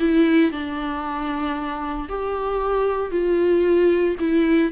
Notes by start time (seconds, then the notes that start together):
0.00 E4
0.52 D4
2.09 G4
3.12 F4
4.20 E4